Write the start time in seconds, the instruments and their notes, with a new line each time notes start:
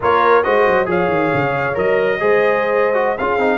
0.00 tuba A#3, trombone F4, horn A#4, trumpet C#5
0.43 tuba G#3, trombone F#4, horn C5, trumpet D#5
0.68 tuba F#3
0.85 tuba F3, trombone G#4, horn C#5, trumpet F5
1.08 tuba D#3
1.34 tuba C#3
1.74 tuba F#3, trombone A#4, trumpet D#5
2.20 tuba G#3, trombone G#4, horn C5
2.94 trombone F#4
3.17 tuba C#4, trombone F4, horn G#4, trumpet F5
3.38 tuba C4, trombone D#4